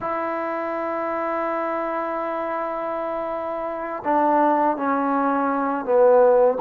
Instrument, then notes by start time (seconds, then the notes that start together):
trombone
0.00 E4
4.04 D4
4.77 C#4
5.85 B3